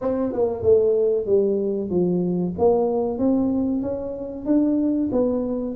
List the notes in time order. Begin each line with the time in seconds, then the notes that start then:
0.01 C4
0.32 A#3
0.62 A3
1.26 G3
1.90 F3
2.58 A#3
3.18 C4
3.82 C#4
4.45 D4
5.12 B3